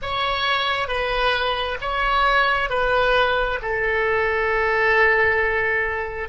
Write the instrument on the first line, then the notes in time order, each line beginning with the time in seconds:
oboe
0.02 C#5
0.88 B4
1.81 C#5
2.69 B4
3.61 A4